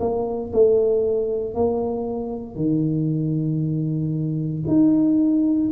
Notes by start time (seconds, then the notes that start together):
0.00 A#3
0.53 A3
1.54 A#3
2.55 D#3
4.67 D#4